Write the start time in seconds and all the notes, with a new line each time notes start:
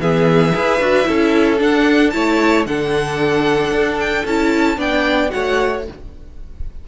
0.00 E3 B3 G#4 E5
0.53 E4 G#4 B4
0.80 D4 F#4
1.04 C#4 E4 A4
1.59 D4 F#5
2.10 A3 E4 C#5 A5
2.67 D3 D4 A4 F#5
3.71 D4
4.00 G5
4.25 C#4 E4 A5
4.77 B3 D4 D5 G5
5.30 A3 F#4 C#5 F#5